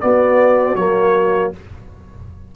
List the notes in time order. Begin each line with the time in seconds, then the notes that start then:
0.00 B3 F#4 D5
0.75 F#3 A#3 C#5